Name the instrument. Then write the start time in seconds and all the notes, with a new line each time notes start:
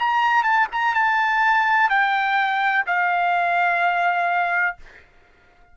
trumpet
0.00 A#5
0.44 A5
0.72 A#5
0.95 A5
1.90 G5
2.87 F5